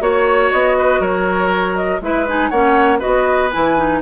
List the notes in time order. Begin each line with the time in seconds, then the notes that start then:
0.00 A#3 F#4 C#5
0.52 B3 D#5
0.78 B4
1.00 F#3 A#4 C#5
1.76 D#5
2.01 G#3 E4 B4 E5
2.27 D#4 G#5
2.50 A#3 C#4 C#5 F#5
2.99 F#4 B4 D#5
3.06 B3
3.52 E3 E4 G#5
3.77 D#4